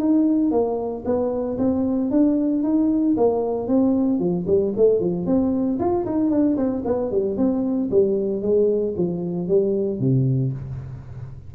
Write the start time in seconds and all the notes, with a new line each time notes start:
0.00 D#4
0.52 A#3
1.06 B3
1.58 C4
2.11 D4
2.64 D#4
3.17 A#3
3.68 C4
4.20 F3
4.47 G3
4.77 A3
5.00 F3
5.27 C4
5.79 F4
6.06 D#4
6.31 D4
6.57 C4
6.85 B3
7.12 G3
7.38 C4
7.91 G3
8.43 G#3
8.98 F3
9.48 G3
10.00 C3